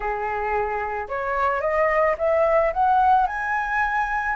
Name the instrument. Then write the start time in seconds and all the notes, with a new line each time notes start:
flute
0.00 G#4
1.08 C#5
1.61 D#5
2.18 E5
2.73 F#5
3.27 G#5